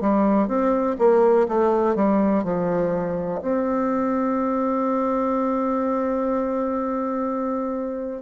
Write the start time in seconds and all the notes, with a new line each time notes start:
0.00 G3
0.48 C4
0.99 A#3
1.48 A3
1.95 G3
2.44 F3
3.41 C4